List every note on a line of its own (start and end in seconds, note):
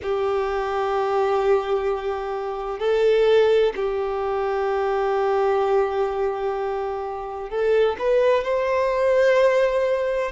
0.02 2.79 G4
2.79 3.73 A4
3.76 7.49 G4
7.49 7.96 A4
7.98 8.44 B4
8.44 10.31 C5